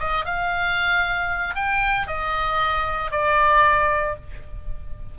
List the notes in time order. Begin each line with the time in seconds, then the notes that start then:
0.00 D#5
0.26 F5
1.56 G5
2.08 D#5
3.12 D5